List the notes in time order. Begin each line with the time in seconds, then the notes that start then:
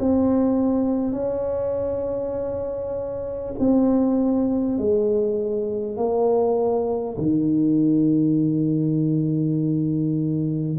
0.00 C4
1.13 C#4
3.59 C4
4.78 G#3
5.97 A#3
7.18 D#3